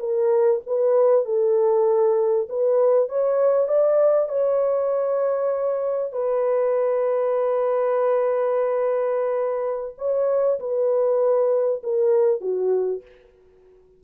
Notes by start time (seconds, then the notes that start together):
0.00 A#4
0.67 B4
1.25 A4
2.49 B4
3.09 C#5
3.68 D5
4.29 C#5
6.13 B4
9.98 C#5
10.60 B4
11.83 A#4
12.41 F#4